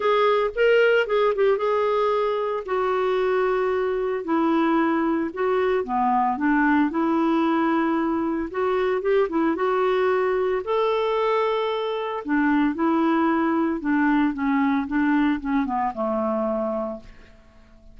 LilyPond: \new Staff \with { instrumentName = "clarinet" } { \time 4/4 \tempo 4 = 113 gis'4 ais'4 gis'8 g'8 gis'4~ | gis'4 fis'2. | e'2 fis'4 b4 | d'4 e'2. |
fis'4 g'8 e'8 fis'2 | a'2. d'4 | e'2 d'4 cis'4 | d'4 cis'8 b8 a2 | }